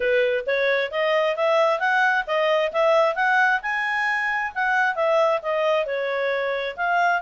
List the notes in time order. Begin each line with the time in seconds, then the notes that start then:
0.00 B4
0.46 C#5
0.91 D#5
1.36 E5
1.79 F#5
2.26 D#5
2.72 E5
3.15 F#5
3.62 G#5
4.54 F#5
4.95 E5
5.42 D#5
5.85 C#5
6.76 F5